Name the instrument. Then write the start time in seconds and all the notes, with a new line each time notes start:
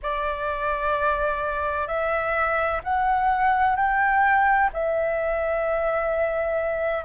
flute
0.02 D5
1.87 E5
2.83 F#5
3.76 G5
4.73 E5